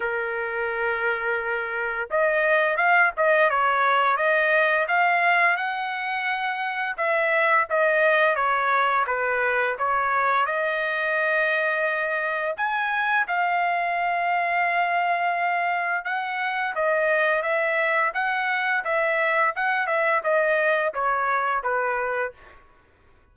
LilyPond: \new Staff \with { instrumentName = "trumpet" } { \time 4/4 \tempo 4 = 86 ais'2. dis''4 | f''8 dis''8 cis''4 dis''4 f''4 | fis''2 e''4 dis''4 | cis''4 b'4 cis''4 dis''4~ |
dis''2 gis''4 f''4~ | f''2. fis''4 | dis''4 e''4 fis''4 e''4 | fis''8 e''8 dis''4 cis''4 b'4 | }